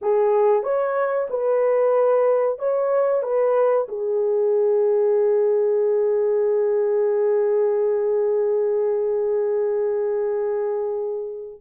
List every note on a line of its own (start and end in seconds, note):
0.01 0.63 G#4
0.63 1.27 C#5
1.29 2.58 B4
2.58 3.23 C#5
3.23 3.87 B4
3.88 11.60 G#4